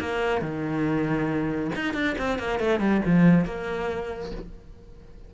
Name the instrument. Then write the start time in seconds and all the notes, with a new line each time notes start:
cello
0.00 A#3
0.42 D#3
1.75 D#4
1.94 D4
2.18 C4
2.39 A#3
2.60 A3
2.80 G3
3.05 F3
3.45 A#3